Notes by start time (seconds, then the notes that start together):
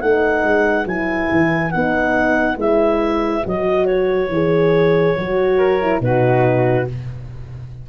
0.00 A3 D#4 B4 F#5
0.44 G#3
0.85 F#3 E4 G#5
1.31 E3
1.71 B3 D#4 F#5
2.56 G#3 E4 E5
3.44 F#3 F#4 D#5
3.85 C#5
4.29 E3 G#4
5.17 F#3 F#4
5.57 A#4
5.81 E4
6.00 B2 D#4 F#4 B4